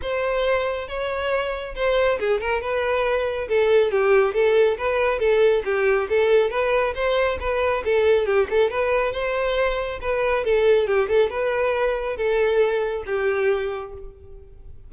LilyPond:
\new Staff \with { instrumentName = "violin" } { \time 4/4 \tempo 4 = 138 c''2 cis''2 | c''4 gis'8 ais'8 b'2 | a'4 g'4 a'4 b'4 | a'4 g'4 a'4 b'4 |
c''4 b'4 a'4 g'8 a'8 | b'4 c''2 b'4 | a'4 g'8 a'8 b'2 | a'2 g'2 | }